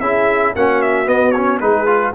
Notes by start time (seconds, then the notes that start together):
0.00 C#4 E4 G#4 E5
0.56 A#3 C#4 F#4 F#5
0.82 E5
1.05 B3 D#5
1.31 C#4 C#5
1.60 G#3 D#4 G#4 B4
1.86 F4